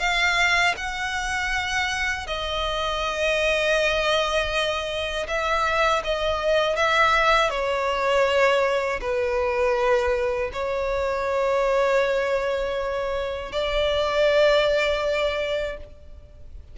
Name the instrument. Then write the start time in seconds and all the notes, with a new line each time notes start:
violin
0.00 F5
0.77 F#5
2.27 D#5
5.28 E5
6.04 D#5
6.76 E5
7.50 C#5
9.01 B4
10.53 C#5
13.52 D5